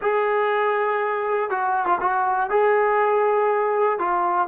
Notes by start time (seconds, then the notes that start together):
0.01 G#4
1.50 F#4
1.85 F4
2.00 F#4
2.50 G#4
3.98 F4